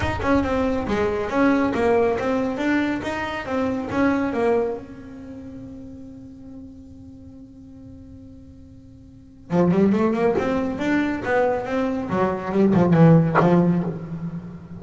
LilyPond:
\new Staff \with { instrumentName = "double bass" } { \time 4/4 \tempo 4 = 139 dis'8 cis'8 c'4 gis4 cis'4 | ais4 c'4 d'4 dis'4 | c'4 cis'4 ais4 c'4~ | c'1~ |
c'1~ | c'2 f8 g8 a8 ais8 | c'4 d'4 b4 c'4 | fis4 g8 f8 e4 f4 | }